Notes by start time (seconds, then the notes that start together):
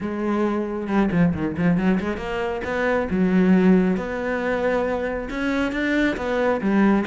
0.01 G#3
0.87 G3
1.11 F3
1.34 D#3
1.57 F3
1.77 F#3
2.00 G#3
2.17 A#3
2.64 B3
3.10 F#3
3.96 B3
5.29 C#4
5.72 D4
6.16 B3
6.61 G3